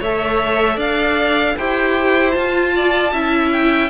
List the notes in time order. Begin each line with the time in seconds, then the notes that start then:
0.00 A3 A4 C#5 E5
0.76 D4 D5 F5
1.57 E4 G4 C5 G5
2.32 F4 A5
2.76 D5
3.13 C#4 E4 E5
3.53 G5